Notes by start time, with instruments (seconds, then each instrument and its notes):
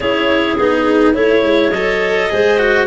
0.00 tuba C#4, cello E4, clarinet G#4 C#5
0.56 tuba B3, cello D#4, clarinet G#4
1.13 tuba A3, cello E4, clarinet C#5
1.43 tuba G#3
1.70 tuba F#3, cello A4, clarinet D#5
2.29 tuba G#3, cello G#4, clarinet C5
2.58 cello F#4